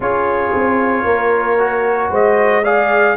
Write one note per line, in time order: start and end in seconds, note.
0.00 0.52 C#4
0.00 1.58 F4
0.00 1.05 G#4
0.00 2.12 C#5
0.54 1.04 C4
1.04 2.09 A#3
1.04 2.10 A#4
1.58 2.63 F#4
2.10 3.15 G#3
2.10 2.62 C5
2.10 2.64 D#5
2.63 3.16 G#4
2.63 3.16 D5
2.63 3.16 F5